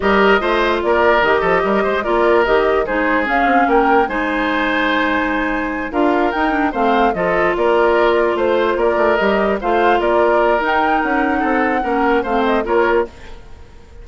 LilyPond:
<<
  \new Staff \with { instrumentName = "flute" } { \time 4/4 \tempo 4 = 147 dis''2 d''4 dis''4~ | dis''4 d''4 dis''4 c''4 | f''4 g''4 gis''2~ | gis''2~ gis''8 f''4 g''8~ |
g''8 f''4 dis''4 d''4.~ | d''8 c''4 d''4 dis''4 f''8~ | f''8 d''4. g''4 fis''4~ | fis''2 f''8 dis''8 cis''4 | }
  \new Staff \with { instrumentName = "oboe" } { \time 4/4 ais'4 c''4 ais'4. a'8 | ais'8 c''8 ais'2 gis'4~ | gis'4 ais'4 c''2~ | c''2~ c''8 ais'4.~ |
ais'8 c''4 a'4 ais'4.~ | ais'8 c''4 ais'2 c''8~ | c''8 ais'2.~ ais'8 | a'4 ais'4 c''4 ais'4 | }
  \new Staff \with { instrumentName = "clarinet" } { \time 4/4 g'4 f'2 g'4~ | g'4 f'4 g'4 dis'4 | cis'2 dis'2~ | dis'2~ dis'8 f'4 dis'8 |
d'8 c'4 f'2~ f'8~ | f'2~ f'8 g'4 f'8~ | f'2 dis'2~ | dis'4 cis'4 c'4 f'4 | }
  \new Staff \with { instrumentName = "bassoon" } { \time 4/4 g4 a4 ais4 dis8 f8 | g8 gis8 ais4 dis4 gis4 | cis'8 c'8 ais4 gis2~ | gis2~ gis8 d'4 dis'8~ |
dis'8 a4 f4 ais4.~ | ais8 a4 ais8 a8 g4 a8~ | a8 ais4. dis'4 cis'4 | c'4 ais4 a4 ais4 | }
>>